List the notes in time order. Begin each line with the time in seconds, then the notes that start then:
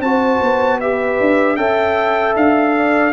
0.00 C4 F#4 C5 A5
0.41 B3
0.80 G4 B4 E5
1.20 D4
1.56 C#4 A4 E5 G5
2.35 D4 F5
2.76 D5